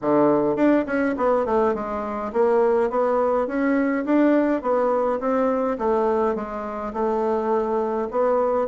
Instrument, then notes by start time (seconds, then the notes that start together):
bassoon
0.01 D3
0.56 D4
0.86 C#4
1.17 B3
1.45 A3
1.74 G#3
2.32 A#3
2.90 B3
3.47 C#4
4.05 D4
4.62 B3
5.19 C4
5.78 A3
6.35 G#3
6.93 A3
8.10 B3